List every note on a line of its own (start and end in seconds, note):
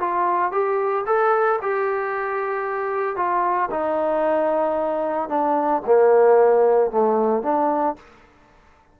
0.00 0.52 F4
0.52 1.05 G4
1.07 1.60 A4
1.62 3.17 G4
3.17 3.70 F4
3.71 5.29 D#4
5.29 5.82 D4
5.86 6.91 A#3
6.91 7.43 A3
7.43 7.96 D4